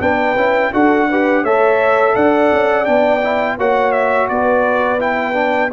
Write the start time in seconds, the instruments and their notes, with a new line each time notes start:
0.00 tuba B3, trombone D4, horn B4, trumpet G5
0.36 tuba C#4, trombone E4
0.72 tuba D4, trombone F#4, horn A4, trumpet F#5
1.09 trombone G4, horn B4
1.43 tuba A3, trombone A4, horn C#5, trumpet E5
2.15 tuba D4, horn D5, trumpet F#5
2.52 tuba C#4
2.85 tuba B3, trombone D4, trumpet G5
3.23 trombone E4
3.58 tuba A#3, trombone F#4, horn C#5, trumpet F#5
3.92 trumpet E5
4.29 tuba B3, horn B4, trumpet D5
4.99 trombone E4, trumpet G5
5.33 trombone D4